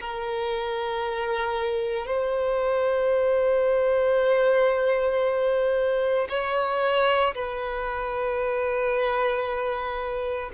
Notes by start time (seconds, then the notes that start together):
0.00 A#4
2.07 C5
6.29 C#5
7.34 B4